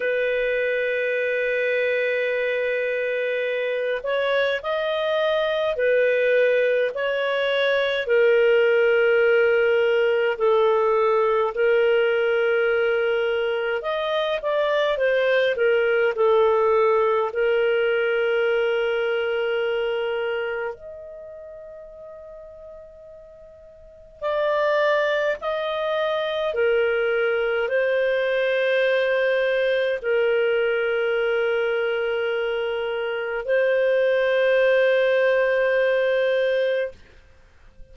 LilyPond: \new Staff \with { instrumentName = "clarinet" } { \time 4/4 \tempo 4 = 52 b'2.~ b'8 cis''8 | dis''4 b'4 cis''4 ais'4~ | ais'4 a'4 ais'2 | dis''8 d''8 c''8 ais'8 a'4 ais'4~ |
ais'2 dis''2~ | dis''4 d''4 dis''4 ais'4 | c''2 ais'2~ | ais'4 c''2. | }